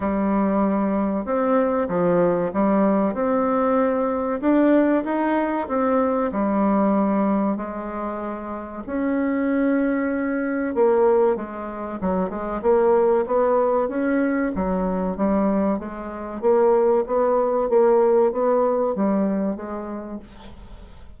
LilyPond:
\new Staff \with { instrumentName = "bassoon" } { \time 4/4 \tempo 4 = 95 g2 c'4 f4 | g4 c'2 d'4 | dis'4 c'4 g2 | gis2 cis'2~ |
cis'4 ais4 gis4 fis8 gis8 | ais4 b4 cis'4 fis4 | g4 gis4 ais4 b4 | ais4 b4 g4 gis4 | }